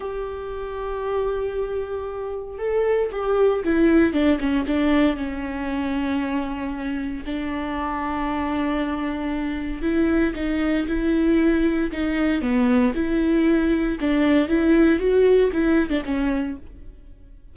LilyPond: \new Staff \with { instrumentName = "viola" } { \time 4/4 \tempo 4 = 116 g'1~ | g'4 a'4 g'4 e'4 | d'8 cis'8 d'4 cis'2~ | cis'2 d'2~ |
d'2. e'4 | dis'4 e'2 dis'4 | b4 e'2 d'4 | e'4 fis'4 e'8. d'16 cis'4 | }